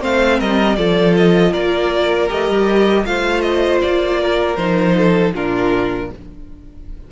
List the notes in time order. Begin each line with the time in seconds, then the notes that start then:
0.00 A3 C4 C5 F5
0.39 G3 A#4 D#5
0.76 F3 F4 A4 D5
1.17 D#5
1.52 A#3 A#4 D5
2.28 A3 G4 D#5
2.48 G3
3.05 A3 F4 C5 F5
3.41 D#5
3.81 A#3 D5
4.20 A#4
4.56 F3 D#4 C5
4.97 A4
5.34 A#2 D4 F4 A#4